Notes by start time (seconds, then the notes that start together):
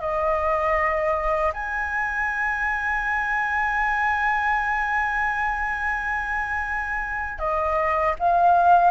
0.00 D#5
1.53 G#5
7.38 D#5
8.19 F5